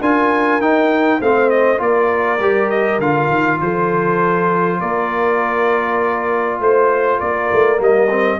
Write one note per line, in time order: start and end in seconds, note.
0.00 0.60 D4
0.00 0.61 F4
0.00 1.20 A#4
0.00 0.61 G#5
0.60 1.20 D#4
0.60 1.21 D#4
0.60 1.21 G5
1.20 1.80 A3
1.20 1.78 C4
1.20 1.80 C5
1.20 1.50 F5
1.50 1.80 D#5
1.78 2.39 A#3
1.78 2.38 F4
1.78 3.60 A#4
1.78 2.70 D5
2.39 2.99 G3
2.39 3.01 G4
2.70 3.00 D#5
2.99 3.29 D3
2.99 7.78 F4
2.99 3.60 F5
3.30 3.60 D#3
3.61 4.81 F3
3.61 4.79 A4
3.61 4.80 C5
4.79 6.60 A#3
4.79 6.59 A#4
4.79 6.60 D5
6.60 7.20 A3
6.60 7.18 C5
6.60 7.20 C5
7.18 7.51 A#3
7.18 8.38 A#4
7.18 7.80 D5
7.53 7.80 A3
7.78 8.40 G3
7.78 8.08 A#3
7.78 8.40 D#5
8.10 8.40 C4